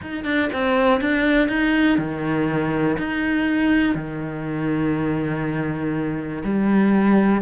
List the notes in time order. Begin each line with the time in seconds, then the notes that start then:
0.01 D#4
0.24 D4
0.53 C4
1.00 D4
1.48 D#4
1.98 D#3
2.98 D#4
3.94 D#3
6.43 G3